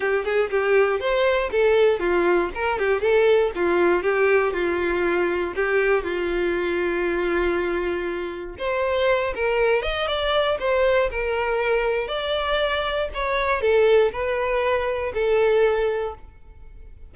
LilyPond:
\new Staff \with { instrumentName = "violin" } { \time 4/4 \tempo 4 = 119 g'8 gis'8 g'4 c''4 a'4 | f'4 ais'8 g'8 a'4 f'4 | g'4 f'2 g'4 | f'1~ |
f'4 c''4. ais'4 dis''8 | d''4 c''4 ais'2 | d''2 cis''4 a'4 | b'2 a'2 | }